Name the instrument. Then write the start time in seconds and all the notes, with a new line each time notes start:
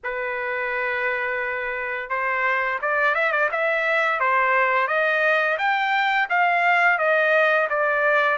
trumpet
0.03 B4
2.09 C5
2.81 D5
3.14 E5
3.31 D5
3.51 E5
4.20 C5
4.87 D#5
5.58 G5
6.29 F5
6.98 D#5
7.69 D5